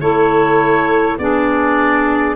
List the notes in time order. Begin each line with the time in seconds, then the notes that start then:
0.00 A3 E4 A4 C#5
1.18 B3 D4 G#4 D5